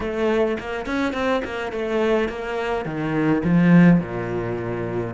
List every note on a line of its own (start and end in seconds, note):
0.00 0.57 A3
0.59 0.86 A#3
0.86 1.13 C#4
1.13 1.41 C4
1.44 1.71 A#3
1.71 2.29 A3
2.29 2.85 A#3
2.85 3.42 D#3
3.44 4.00 F3
4.00 5.14 A#2